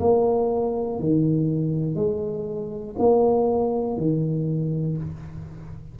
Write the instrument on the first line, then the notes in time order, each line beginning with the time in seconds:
tuba
0.00 A#3
0.99 D#3
1.95 G#3
2.99 A#3
3.97 D#3